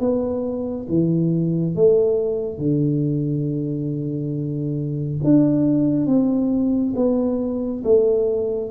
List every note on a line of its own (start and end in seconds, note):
0.00 0.87 B3
0.89 1.75 E3
1.75 2.58 A3
2.58 5.19 D3
5.24 6.07 D4
6.07 6.94 C4
6.96 7.83 B3
7.84 8.71 A3